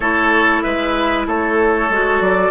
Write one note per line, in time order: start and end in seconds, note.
0.00 0.62 A3
0.00 1.90 E4
0.00 0.63 A4
0.00 0.61 C#5
0.61 1.26 G#3
0.61 1.26 B4
0.61 1.24 E5
1.26 1.89 A3
1.26 2.50 A4
1.26 2.21 C#5
1.89 2.20 G#3
1.89 2.50 F#4
2.20 2.50 F#3
2.20 2.50 D5